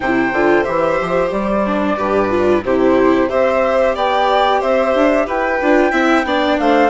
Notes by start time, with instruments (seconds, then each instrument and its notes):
0.00 bassoon C3, viola E4, violin C5, flute G5
0.32 bassoon D3, viola F4
0.63 bassoon E3, viola G4, flute E5
1.00 bassoon F3
1.31 bassoon G3, flute D5
1.66 viola D4
1.96 bassoon G2, viola G4, violin B4
2.29 viola F4
2.64 bassoon C3, viola E4, violin G4, flute C5
3.29 bassoon C4, viola G4, violin C5, flute E5
3.95 bassoon B3, violin D5, flute G5
4.60 bassoon C4, violin C5, flute E5
4.94 bassoon D4
5.26 bassoon E4, violin B4, flute G5
5.61 bassoon D4, viola F4
5.91 bassoon C4, viola E4, violin E5
6.24 bassoon B3, viola D4, violin D5
6.59 bassoon A3, violin C5, flute F5